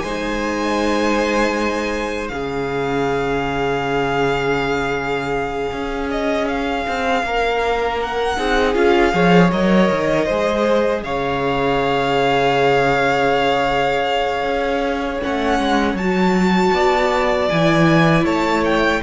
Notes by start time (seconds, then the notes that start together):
0.00 G#3 D#4 C5 G#5
2.28 C#3 C#4 G#4 F5
5.72 C#4
6.11 D#5
6.48 F5
6.87 C4
7.23 A#3 A#4
8.02 F#5
8.37 C4 D#4 G#4
8.75 C#4 F4 F5
9.12 F3 G#4 C#5
9.52 F#3 A#4 D#5
9.91 D#3
10.26 G#3 G#4 C5
11.03 C#3 C#5 F5
14.43 C#4
15.22 A3 C#4 F#5
15.59 G#3
15.94 F#3 F#4 A5
16.73 B3 D5
17.49 E3 E4 G#5
18.25 A3 C#5 A5
18.65 G5